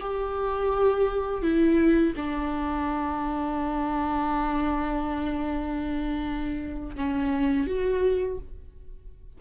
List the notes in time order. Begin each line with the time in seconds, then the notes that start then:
0.00 G4
1.42 E4
2.16 D4
6.96 C#4
7.67 F#4